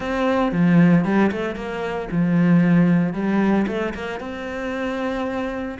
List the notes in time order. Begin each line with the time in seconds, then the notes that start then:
0.00 C4
0.52 F3
1.04 G3
1.31 A3
1.55 A#3
2.11 F3
3.13 G3
3.67 A3
3.94 A#3
4.20 C4